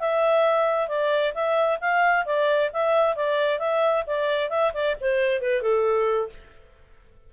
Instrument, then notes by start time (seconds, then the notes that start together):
clarinet
0.00 E5
0.88 D5
1.34 E5
1.81 F5
2.26 D5
2.73 E5
3.16 D5
3.59 E5
4.07 D5
4.50 E5
4.73 D5
5.01 C5
5.41 B4
5.62 A4